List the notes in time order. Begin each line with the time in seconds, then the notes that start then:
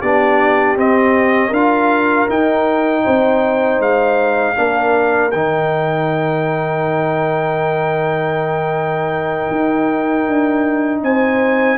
0.00 B3 D4 G4 D5
0.77 C4 D#5
1.48 D4 F4 A#4 F5
2.29 D#4 G5
3.04 C4 C5
3.79 G#3 F5
4.55 A#3 D4 A#4
5.31 D#3 D#4 G5
9.50 D#4
10.27 D4
11.02 C4 C5 G#5